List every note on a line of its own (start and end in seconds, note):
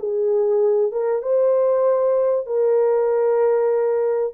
0.00 0.92 G#4
0.92 1.23 A#4
1.23 2.47 C5
2.47 4.34 A#4